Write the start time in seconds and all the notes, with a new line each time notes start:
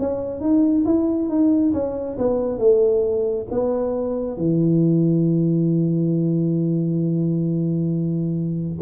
0.00 C#4
0.41 D#4
0.86 E4
1.29 D#4
1.74 C#4
2.19 B3
2.59 A3
3.51 B3
4.38 E3